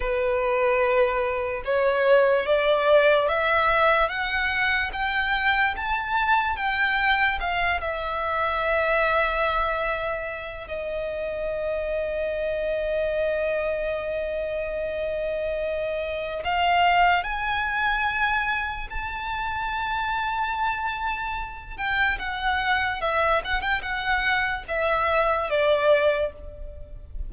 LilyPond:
\new Staff \with { instrumentName = "violin" } { \time 4/4 \tempo 4 = 73 b'2 cis''4 d''4 | e''4 fis''4 g''4 a''4 | g''4 f''8 e''2~ e''8~ | e''4 dis''2.~ |
dis''1 | f''4 gis''2 a''4~ | a''2~ a''8 g''8 fis''4 | e''8 fis''16 g''16 fis''4 e''4 d''4 | }